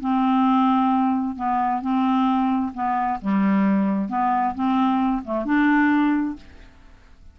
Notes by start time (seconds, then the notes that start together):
0.00 C4
1.36 B3
1.82 C4
2.74 B3
3.21 G3
4.09 B3
4.55 C4
5.24 A3
5.45 D4